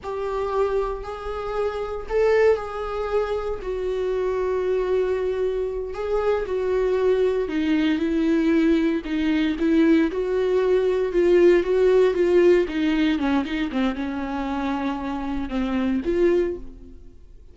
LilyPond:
\new Staff \with { instrumentName = "viola" } { \time 4/4 \tempo 4 = 116 g'2 gis'2 | a'4 gis'2 fis'4~ | fis'2.~ fis'8 gis'8~ | gis'8 fis'2 dis'4 e'8~ |
e'4. dis'4 e'4 fis'8~ | fis'4. f'4 fis'4 f'8~ | f'8 dis'4 cis'8 dis'8 c'8 cis'4~ | cis'2 c'4 f'4 | }